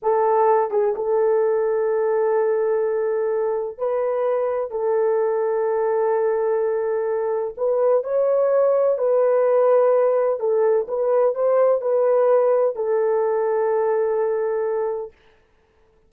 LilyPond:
\new Staff \with { instrumentName = "horn" } { \time 4/4 \tempo 4 = 127 a'4. gis'8 a'2~ | a'1 | b'2 a'2~ | a'1 |
b'4 cis''2 b'4~ | b'2 a'4 b'4 | c''4 b'2 a'4~ | a'1 | }